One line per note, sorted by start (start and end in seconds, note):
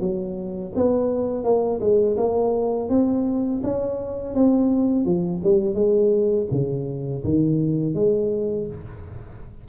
0.00 0.72 F#3
0.75 1.44 B3
1.44 1.80 A#3
1.80 2.16 G#3
2.17 2.89 A#3
2.89 3.61 C4
3.63 4.34 C#4
4.34 5.05 C4
5.05 5.41 F3
5.43 5.74 G3
5.74 6.47 G#3
6.51 7.24 C#3
7.24 7.94 D#3
7.94 8.66 G#3